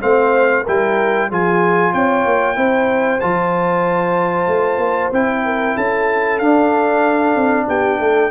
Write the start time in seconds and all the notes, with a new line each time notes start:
0.00 A3 C4 C5 F5
0.64 G3 E4 A#4 G5
1.29 F3 F4 G#4 G#5
1.93 C4 C#5 G5
2.25 A#3
2.56 C4 E4 C5
3.20 F3 F4 A5
4.47 A3
4.78 A#3
5.12 C4 E4 G5
5.45 A#4
5.75 C#4 A4 A5
6.39 D4 F5
7.36 C4
7.68 B3 G4 G5
7.99 A3 A4